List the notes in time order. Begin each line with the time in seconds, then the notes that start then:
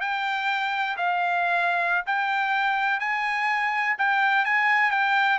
0.00 G5
0.97 F5
2.06 G5
3.00 G#5
3.98 G5
4.45 G#5
4.91 G5